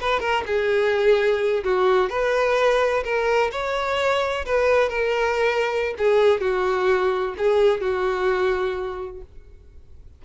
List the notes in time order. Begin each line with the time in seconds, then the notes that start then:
0.00 B4
0.20 A#4
0.46 G#4
1.64 F#4
2.09 B4
3.04 A#4
3.51 C#5
4.45 B4
4.89 A#4
5.98 G#4
6.40 F#4
7.37 G#4
7.80 F#4